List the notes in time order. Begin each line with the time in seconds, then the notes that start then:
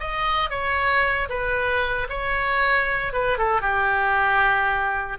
0.00 D#5
0.50 C#5
1.29 B4
2.09 C#5
3.13 B4
3.38 A4
3.61 G4